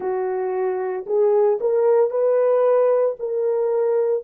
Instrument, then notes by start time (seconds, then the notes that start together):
horn
0.00 F#4
1.06 G#4
1.60 A#4
2.10 B4
3.19 A#4